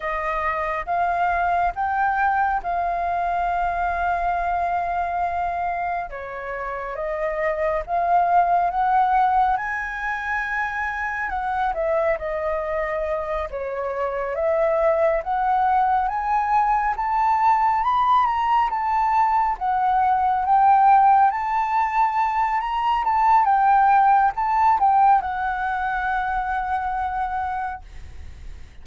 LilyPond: \new Staff \with { instrumentName = "flute" } { \time 4/4 \tempo 4 = 69 dis''4 f''4 g''4 f''4~ | f''2. cis''4 | dis''4 f''4 fis''4 gis''4~ | gis''4 fis''8 e''8 dis''4. cis''8~ |
cis''8 e''4 fis''4 gis''4 a''8~ | a''8 b''8 ais''8 a''4 fis''4 g''8~ | g''8 a''4. ais''8 a''8 g''4 | a''8 g''8 fis''2. | }